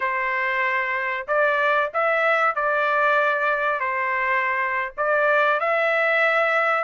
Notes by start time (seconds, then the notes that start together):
0.00 C5
1.27 D5
1.93 E5
2.55 D5
3.80 C5
4.97 D5
5.59 E5